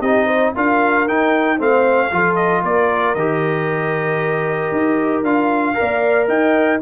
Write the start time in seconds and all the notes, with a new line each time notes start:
0.00 C4 D#4 G4 D#5
0.26 C5
0.54 D4 F4 A#4 F5
1.08 D#4 G5
1.57 A3 C4 C5 F5
2.11 F3 F4 A4
2.35 D#5
2.62 A#3 A#4 D5
3.14 D#3 G4 D#5
4.71 D#4
5.23 D4 F4 F5
5.74 A#4 D5
5.80 A#3
6.28 D#4 D#5 G5